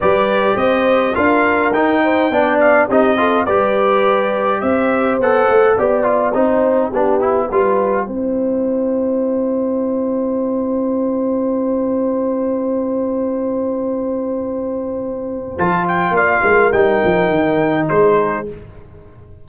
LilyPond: <<
  \new Staff \with { instrumentName = "trumpet" } { \time 4/4 \tempo 4 = 104 d''4 dis''4 f''4 g''4~ | g''8 f''8 dis''4 d''2 | e''4 fis''4 g''2~ | g''1~ |
g''1~ | g''1~ | g''2. a''8 g''8 | f''4 g''2 c''4 | }
  \new Staff \with { instrumentName = "horn" } { \time 4/4 b'4 c''4 ais'4. c''8 | d''4 g'8 a'8 b'2 | c''2 d''4 c''4 | g'4 b'4 c''2~ |
c''1~ | c''1~ | c''1 | d''8 ais'2~ ais'8 gis'4 | }
  \new Staff \with { instrumentName = "trombone" } { \time 4/4 g'2 f'4 dis'4 | d'4 dis'8 f'8 g'2~ | g'4 a'4 g'8 f'8 dis'4 | d'8 e'8 f'4 e'2~ |
e'1~ | e'1~ | e'2. f'4~ | f'4 dis'2. | }
  \new Staff \with { instrumentName = "tuba" } { \time 4/4 g4 c'4 d'4 dis'4 | b4 c'4 g2 | c'4 b8 a8 b4 c'4 | b4 g4 c'2~ |
c'1~ | c'1~ | c'2. f4 | ais8 gis8 g8 f8 dis4 gis4 | }
>>